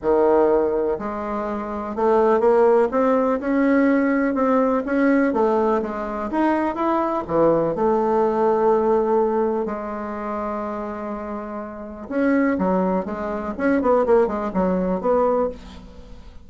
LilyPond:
\new Staff \with { instrumentName = "bassoon" } { \time 4/4 \tempo 4 = 124 dis2 gis2 | a4 ais4 c'4 cis'4~ | cis'4 c'4 cis'4 a4 | gis4 dis'4 e'4 e4 |
a1 | gis1~ | gis4 cis'4 fis4 gis4 | cis'8 b8 ais8 gis8 fis4 b4 | }